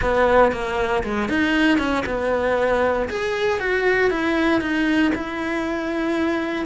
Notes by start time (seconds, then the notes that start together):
0.01 B3
0.52 A#3
1.03 G#3
1.28 D#4
1.78 C#4
2.06 B3
3.09 G#4
3.59 F#4
4.10 E4
4.60 D#4
5.14 E4